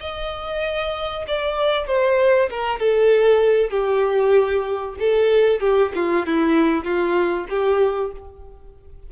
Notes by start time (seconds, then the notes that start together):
0.00 D#5
1.27 D5
1.87 C5
2.50 A#4
2.79 A4
3.70 G4
4.99 A4
5.60 G4
5.95 F4
6.26 E4
6.84 F4
7.49 G4